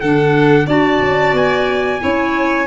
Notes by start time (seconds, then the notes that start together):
0.00 D3 D4 A4 F#5
0.67 D4 F#4 D5 A5
1.00 C#4
1.33 B3 G#5
1.99 C#4 E4 C#5